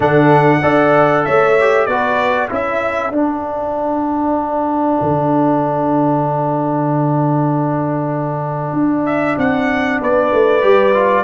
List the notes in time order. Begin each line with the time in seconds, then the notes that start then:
0.00 D3 D4 A4 F#5
0.62 D4 A4 D5
1.24 A3 C#5 E5
1.60 G4
1.86 B3 F#4 B4 D5
2.48 C#4 E4 A4 E5
3.10 D4 F#5
5.01 D3
8.73 D4
9.05 E5
9.37 C4 F#5
10.00 B3 B4 D5
10.32 A3
10.61 G3 G4
10.94 F4